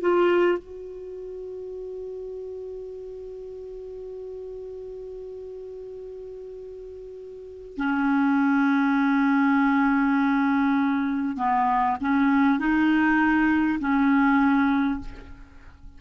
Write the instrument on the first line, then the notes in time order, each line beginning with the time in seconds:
clarinet
0.00 F4
0.58 F#4
7.77 C#4
11.37 B3
12.01 C#4
12.59 D#4
13.79 C#4